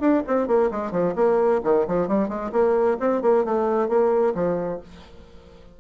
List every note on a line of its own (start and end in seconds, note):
0.00 0.23 D4
0.27 0.48 C4
0.48 0.70 A#3
0.71 0.92 G#3
0.92 1.14 F3
1.15 1.61 A#3
1.64 1.87 D#3
1.87 2.08 F3
2.08 2.29 G3
2.29 2.51 G#3
2.52 2.98 A#3
3.00 3.22 C4
3.22 3.45 A#3
3.45 3.88 A3
3.88 4.34 A#3
4.35 4.80 F3